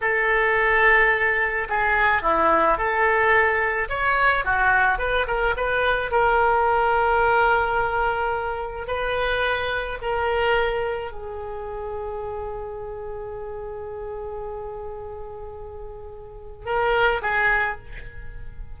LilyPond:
\new Staff \with { instrumentName = "oboe" } { \time 4/4 \tempo 4 = 108 a'2. gis'4 | e'4 a'2 cis''4 | fis'4 b'8 ais'8 b'4 ais'4~ | ais'1 |
b'2 ais'2 | gis'1~ | gis'1~ | gis'2 ais'4 gis'4 | }